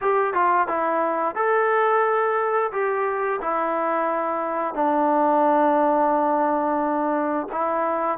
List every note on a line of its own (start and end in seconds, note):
0.01 0.33 G4
0.33 0.67 F4
0.67 1.35 E4
1.35 2.71 A4
2.71 3.40 G4
3.41 4.74 E4
4.74 7.47 D4
7.52 8.18 E4